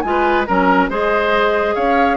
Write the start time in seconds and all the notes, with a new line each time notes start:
0.00 G#3 F4 G#5
0.09 B4
0.46 F#3 C#4 A#4 A#5
0.89 G#3 G#4 C5 D#5
1.75 C#4 C#5 F5